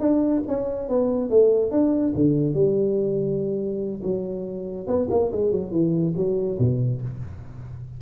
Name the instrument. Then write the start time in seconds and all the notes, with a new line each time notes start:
tuba
0.00 D4
0.48 C#4
0.89 B3
1.30 A3
1.71 D4
2.15 D3
2.54 G3
4.03 F#3
4.87 B3
5.10 A#3
5.32 G#3
5.52 F#3
5.72 E3
6.16 F#3
6.59 B2